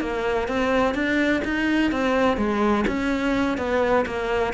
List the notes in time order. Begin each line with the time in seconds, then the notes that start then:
0.00 A#3
0.48 C4
0.94 D4
1.44 D#4
1.91 C4
2.37 G#3
2.87 C#4
3.57 B3
4.06 A#3